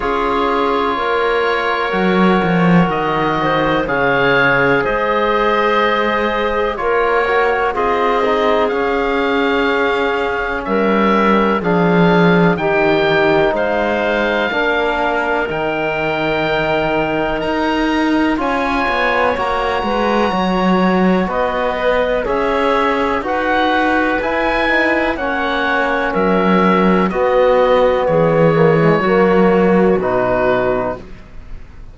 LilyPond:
<<
  \new Staff \with { instrumentName = "oboe" } { \time 4/4 \tempo 4 = 62 cis''2. dis''4 | f''4 dis''2 cis''4 | dis''4 f''2 e''4 | f''4 g''4 f''2 |
g''2 ais''4 gis''4 | ais''2 b'4 e''4 | fis''4 gis''4 fis''4 e''4 | dis''4 cis''2 b'4 | }
  \new Staff \with { instrumentName = "clarinet" } { \time 4/4 gis'4 ais'2~ ais'8 c''8 | cis''4 c''2 ais'4 | gis'2. ais'4 | gis'4 g'4 c''4 ais'4~ |
ais'2. cis''4~ | cis''8 b'8 cis''4 dis''4 cis''4 | b'2 cis''4 ais'4 | fis'4 gis'4 fis'2 | }
  \new Staff \with { instrumentName = "trombone" } { \time 4/4 f'2 fis'2 | gis'2. f'8 fis'8 | f'8 dis'8 cis'2. | d'4 dis'2 d'4 |
dis'2. f'4 | fis'2~ fis'8 b'8 gis'4 | fis'4 e'8 dis'8 cis'2 | b4. ais16 gis16 ais4 dis'4 | }
  \new Staff \with { instrumentName = "cello" } { \time 4/4 cis'4 ais4 fis8 f8 dis4 | cis4 gis2 ais4 | c'4 cis'2 g4 | f4 dis4 gis4 ais4 |
dis2 dis'4 cis'8 b8 | ais8 gis8 fis4 b4 cis'4 | dis'4 e'4 ais4 fis4 | b4 e4 fis4 b,4 | }
>>